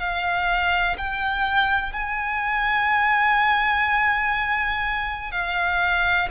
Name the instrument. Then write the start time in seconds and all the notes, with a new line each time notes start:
violin
0.00 F5
0.98 G5
1.93 G#5
5.32 F5